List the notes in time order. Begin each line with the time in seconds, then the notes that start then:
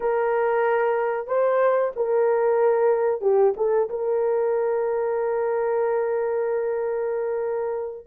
0.00 A#4
1.27 C5
1.96 A#4
3.21 G4
3.57 A4
3.89 A#4